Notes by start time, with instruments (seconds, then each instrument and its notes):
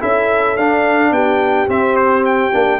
0.00 tuba C#4, trombone E4, horn A4, trumpet E5
0.57 tuba D4, trombone D4, trumpet F5
1.11 tuba B3, horn G4, trumpet G5
1.67 tuba C4, trombone C4, trumpet E5
1.96 trumpet C5
2.25 trumpet G5
2.52 tuba A#3, trombone D4